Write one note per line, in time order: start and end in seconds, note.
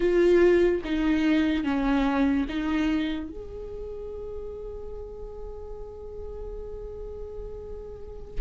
0.00 0.81 F4
0.84 1.64 D#4
1.64 2.46 C#4
2.48 3.30 D#4
3.30 8.41 G#4